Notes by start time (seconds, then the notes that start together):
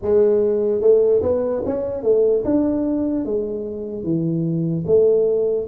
0.01 G#3
0.81 A3
1.22 B3
1.65 C#4
2.03 A3
2.44 D4
3.25 G#3
4.03 E3
4.86 A3